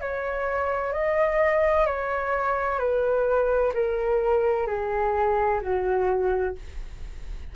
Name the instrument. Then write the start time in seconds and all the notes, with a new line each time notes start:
flute
0.00 C#5
0.92 D#5
1.86 C#5
2.79 B4
3.74 A#4
4.67 G#4
5.61 F#4